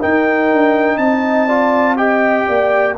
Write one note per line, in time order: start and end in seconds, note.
0.00 1.49 D#4
0.00 0.52 D#4
0.00 0.98 A#4
0.00 0.98 G5
0.52 0.98 D4
0.98 2.45 C4
0.98 1.47 D#5
0.98 1.96 A5
1.47 1.97 F4
1.47 1.96 D5
1.97 2.95 G4
1.97 2.47 D#5
1.97 2.96 G5
2.48 2.98 A#3
2.48 2.97 D5